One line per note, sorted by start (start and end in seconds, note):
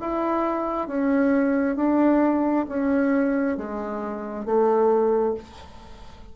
0.00 0.88 E4
0.88 1.76 C#4
1.76 2.65 D4
2.68 3.57 C#4
3.57 4.45 G#3
4.45 5.34 A3